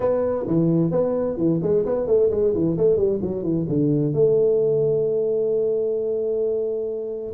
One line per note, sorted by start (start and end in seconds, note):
0.00 0.46 B3
0.47 0.91 E3
0.91 1.37 B3
1.37 1.60 E3
1.62 1.85 G#3
1.85 2.07 B3
2.07 2.29 A3
2.30 2.53 G#3
2.54 2.76 E3
2.77 2.96 A3
2.96 3.19 G3
3.21 3.42 F#3
3.42 3.65 E3
3.68 4.13 D3
4.13 7.33 A3